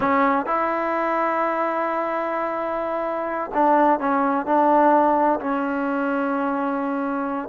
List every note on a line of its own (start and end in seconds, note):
0.00 0.46 C#4
0.46 3.50 E4
3.53 3.99 D4
3.99 4.46 C#4
4.46 5.39 D4
5.39 7.49 C#4